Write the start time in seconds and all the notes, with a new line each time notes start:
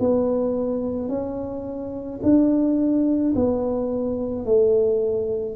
0.00 B3
1.09 C#4
2.23 D4
3.35 B3
4.46 A3